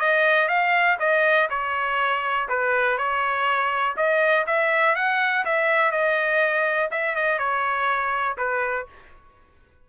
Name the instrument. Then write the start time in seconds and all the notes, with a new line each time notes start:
trumpet
0.00 D#5
0.49 F5
0.99 D#5
1.50 C#5
2.49 B4
2.98 C#5
3.97 D#5
4.47 E5
4.95 F#5
5.45 E5
5.91 D#5
6.91 E5
7.16 D#5
7.39 C#5
8.38 B4